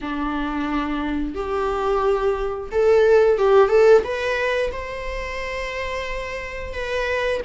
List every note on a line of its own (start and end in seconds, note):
0.01 1.35 D4
1.35 2.69 G4
2.72 3.38 A4
3.38 3.69 G4
3.69 4.02 A4
4.04 4.71 B4
4.72 6.73 C5
6.73 7.41 B4